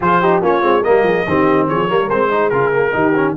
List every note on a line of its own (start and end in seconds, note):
0.00 0.41 F3
0.00 0.21 F4
0.00 0.20 G#4
0.00 0.43 C5
0.20 0.42 D#4
0.20 0.41 G4
0.41 0.62 A#3
0.41 0.61 C#4
0.41 0.81 F4
0.41 0.83 C#5
0.61 0.83 G#3
0.61 0.82 C4
0.81 1.26 A#3
0.81 1.02 A#4
0.81 1.67 D#5
0.88 1.03 G3
1.03 1.24 F3
1.03 1.26 G#4
1.27 1.69 D#3
1.27 1.88 C4
1.27 1.68 G4
1.68 1.90 F3
1.68 1.88 G#4
1.68 2.09 C#5
1.88 2.10 G3
1.88 2.09 A#3
1.88 2.30 A#4
2.09 2.51 G#3
2.09 2.30 C4
2.09 2.49 C5
2.30 2.51 D#4
2.30 2.93 G#4
2.49 2.93 C#3
2.49 2.72 F4
2.49 3.33 A#4
2.72 2.92 A#3
2.92 3.36 D#3
2.92 3.13 D#4
2.92 3.35 G4
3.15 3.35 C#4